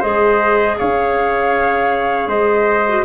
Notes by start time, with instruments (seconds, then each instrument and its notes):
0.00 tuba G#3, clarinet G#4, trumpet C5, flute D#5
0.79 tuba C#4, trumpet C#5, flute F5
2.28 tuba G#3, trumpet C5, flute D#5
2.88 clarinet F#4